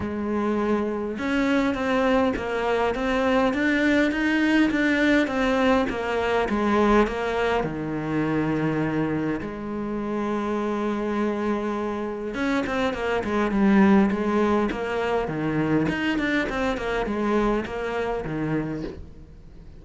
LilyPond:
\new Staff \with { instrumentName = "cello" } { \time 4/4 \tempo 4 = 102 gis2 cis'4 c'4 | ais4 c'4 d'4 dis'4 | d'4 c'4 ais4 gis4 | ais4 dis2. |
gis1~ | gis4 cis'8 c'8 ais8 gis8 g4 | gis4 ais4 dis4 dis'8 d'8 | c'8 ais8 gis4 ais4 dis4 | }